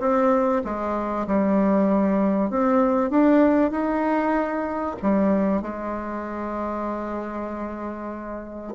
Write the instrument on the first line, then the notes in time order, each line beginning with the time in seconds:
bassoon
0.00 C4
0.64 G#3
1.27 G3
2.51 C4
3.11 D4
3.71 D#4
5.03 G3
5.62 G#3